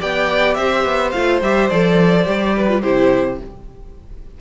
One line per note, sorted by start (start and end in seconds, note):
0.00 0.58 B3
0.00 1.13 G4
0.00 0.57 D5
0.00 0.54 G5
0.54 0.85 C4
0.54 2.56 C5
0.54 1.11 E5
0.85 1.13 B3
1.12 1.42 A3
1.12 1.43 F4
1.12 1.40 F5
1.42 1.70 G3
1.42 1.71 G4
1.42 1.70 E5
1.70 2.27 F3
1.70 2.25 A4
1.70 2.82 D5
2.25 2.83 G3
2.25 2.67 G4
2.57 2.83 B4
2.68 2.83 F4
2.82 3.41 C3
2.82 3.40 E4
2.82 3.39 G4
2.82 3.39 C5